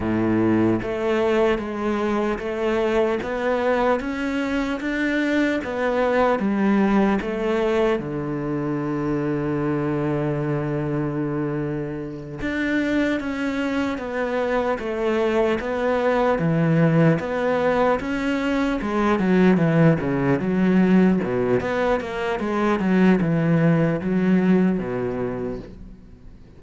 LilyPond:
\new Staff \with { instrumentName = "cello" } { \time 4/4 \tempo 4 = 75 a,4 a4 gis4 a4 | b4 cis'4 d'4 b4 | g4 a4 d2~ | d2.~ d8 d'8~ |
d'8 cis'4 b4 a4 b8~ | b8 e4 b4 cis'4 gis8 | fis8 e8 cis8 fis4 b,8 b8 ais8 | gis8 fis8 e4 fis4 b,4 | }